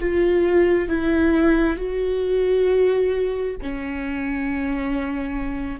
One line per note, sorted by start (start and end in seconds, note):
0.00 0.89 F4
0.89 1.77 E4
1.77 3.56 F#4
3.63 5.80 C#4